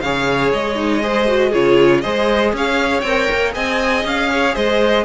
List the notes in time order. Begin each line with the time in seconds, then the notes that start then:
0.00 C#3 G#4 C#5 F5
0.52 G#3 D#5
0.75 D#4
1.02 G#4 C5
1.27 F#4
1.49 C#3 F4 G#4 C#5
2.01 G#3 G#4 C5 D#5
2.53 C#4 C#5 F5
3.01 C4 A#4 G5
3.31 A#3
3.51 C4 G#4 D#5 G#5
4.04 C#4 F5
4.31 C#5
4.54 G#3 C5 D#5